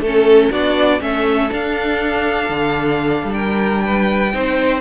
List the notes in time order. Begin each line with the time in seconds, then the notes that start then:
0.00 A3 A4
0.06 C#4
0.51 B3 D4 F#4 D5
1.00 A3 C#4 A4 E5
1.49 D4 F5
2.49 D3
3.24 G3
3.34 A#4 G5
3.84 B4
4.33 C4 D#4 C5